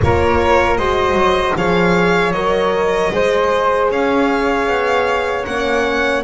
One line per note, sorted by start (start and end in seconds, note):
0.02 0.78 A#3
0.02 0.78 F4
0.02 0.78 A#4
0.02 0.77 C#5
0.77 1.14 G#3
0.77 1.55 F#4
0.77 1.56 C5
0.77 1.55 D#5
1.14 1.53 F#3
1.55 2.33 F3
1.55 2.33 G#4
1.55 3.12 C#5
1.55 2.32 F5
2.32 3.11 F#3
2.32 3.12 A#4
2.32 3.88 D#5
3.12 3.90 G#3
3.12 5.46 G#4
3.12 3.90 C5
3.90 4.66 C#4
3.90 6.23 C#5
3.90 5.45 F5
4.66 5.44 B3
5.45 6.23 A#3
5.45 6.23 C#4
5.45 6.23 F#5